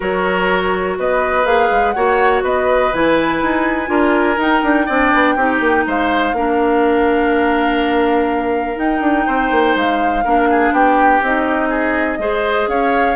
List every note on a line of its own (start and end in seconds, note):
0.00 0.98 F#3
0.00 1.45 F#4
0.00 0.98 A#4
0.00 0.98 C#5
0.98 1.45 B3
0.98 1.95 B4
0.98 1.45 D#5
1.45 1.69 A#3
1.45 1.94 G#4
1.45 1.91 F5
1.71 1.95 G#3
1.91 2.42 A#3
1.91 2.92 F#4
1.91 2.43 C#5
1.91 2.40 F#5
2.42 2.91 B3
2.42 3.90 B4
2.42 2.93 D#5
2.93 3.42 E3
2.93 3.86 E4
2.93 4.40 G#5
3.42 3.88 D#4
3.86 4.37 D4
3.86 4.34 F4
3.86 4.86 A#4
4.37 4.61 D#4
4.37 4.88 D#4
4.37 5.87 G5
4.63 4.87 D4
4.86 5.13 C4
4.86 5.37 D4
4.86 5.35 D5
5.13 5.35 B3
5.35 5.60 C4
5.35 6.35 D#4
5.35 5.84 G4
5.60 5.84 A#3
5.86 6.32 G#3
5.86 6.36 C5
5.86 8.78 F5
6.32 8.76 A#3
6.32 8.76 D4
6.32 9.26 A#4
8.76 10.22 D#4
8.76 9.00 D#4
8.76 9.76 G5
9.00 9.24 D4
9.26 9.51 C4
9.26 10.24 C5
9.51 9.75 A#3
9.75 10.23 G#3
9.75 10.73 F5
10.24 10.71 A#3
10.24 11.23 D4
10.24 10.48 A#4
10.49 10.73 G#4
10.71 11.20 B3
10.71 11.69 G4
10.71 11.22 G5
11.21 12.18 C4
11.21 12.19 D#4
11.21 12.68 D#5
11.69 12.18 G#4
12.18 12.67 G#3
12.18 13.16 G#4
12.18 12.69 C5
12.67 13.16 C#4
12.67 13.16 C#5
12.67 13.16 F5